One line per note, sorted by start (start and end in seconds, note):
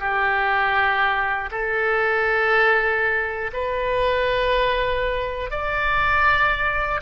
0.00 1.50 G4
1.51 3.51 A4
3.53 5.51 B4
5.51 7.01 D5